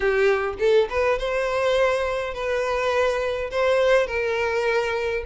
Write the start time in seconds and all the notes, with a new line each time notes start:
0.00 G4
0.59 A4
0.89 B4
1.18 C5
2.34 B4
3.50 C5
4.06 A#4